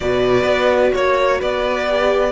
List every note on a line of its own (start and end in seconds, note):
0.00 0.43 B2
0.00 1.87 F#4
0.00 0.93 B4
0.00 0.93 D5
0.43 0.90 B3
0.93 1.41 A#3
0.93 1.38 C#5
0.93 1.41 C#5
1.38 2.31 B3
1.38 2.31 B4
1.38 2.31 D5
1.87 2.31 G4